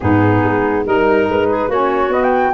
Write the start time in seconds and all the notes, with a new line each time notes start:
0.00 G#2 B3 D#4 G#4
0.43 G#3
0.85 G3 D#4 A#4
1.28 G#3 B4
1.49 G#4
1.68 A#3 C#4 F#4 C#5
2.08 B3 D#5
2.23 G5